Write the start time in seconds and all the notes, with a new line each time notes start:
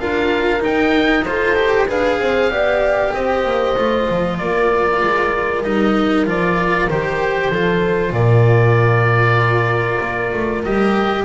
0.00 D4 F4 A#4 F5
0.60 D#4 G5
1.25 F4 A4 C5
1.56 G4
1.88 D4 G#4 B4 F5
2.19 C4 C5
2.50 B3 G4 D5
3.14 C4 C5 D#5
3.45 A#3
3.77 A3 F4
4.10 F3
4.38 A#3 A#4 D5
5.03 G#3
5.63 G3 D#4 D#5
6.26 F3 F4 D5
6.90 D#3 G4 C5
7.50 F3 F4 A4
8.11 A#2 A#4 D5
10.01 A#3
10.33 A3
10.64 G3 G4 D#5